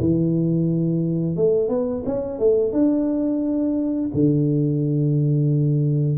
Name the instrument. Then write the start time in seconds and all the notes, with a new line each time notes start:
tuba
0.00 E3
1.36 A3
1.69 B3
2.06 C#4
2.39 A3
2.73 D4
4.14 D3